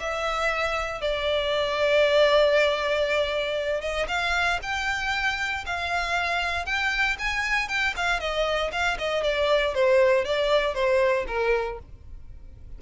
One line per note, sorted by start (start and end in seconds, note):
0.00 1.01 E5
1.01 3.81 D5
3.81 4.07 D#5
4.08 4.59 F5
4.62 5.65 G5
5.66 6.65 F5
6.65 7.17 G5
7.19 7.68 G#5
7.68 7.94 G5
7.97 8.20 F5
8.20 8.71 D#5
8.72 8.98 F5
8.99 9.23 D#5
9.23 9.74 D5
9.75 10.25 C5
10.25 10.75 D5
10.75 11.26 C5
11.28 11.79 A#4